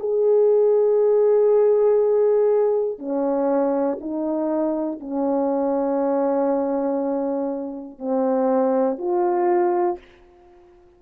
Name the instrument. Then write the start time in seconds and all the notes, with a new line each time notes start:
horn
0.00 G#4
2.99 C#4
4.01 D#4
5.00 C#4
7.99 C4
8.99 F4